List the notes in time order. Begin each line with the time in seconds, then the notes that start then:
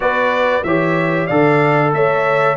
0.00 B3 F#4 B4 D5
0.63 E3 G4 C#5 E5
1.26 D3 A4 D5 F5
1.93 A3 C#5 E5